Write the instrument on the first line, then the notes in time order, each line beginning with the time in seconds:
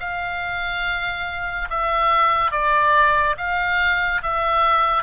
oboe
0.00 F5
1.70 E5
2.52 D5
3.38 F5
4.23 E5